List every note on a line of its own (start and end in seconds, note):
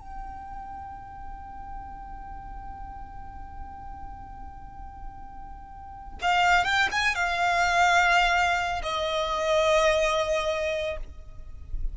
0.00 6.19 G5
6.22 6.65 F5
6.65 6.88 G5
6.92 7.15 G#5
7.15 8.82 F5
8.83 10.97 D#5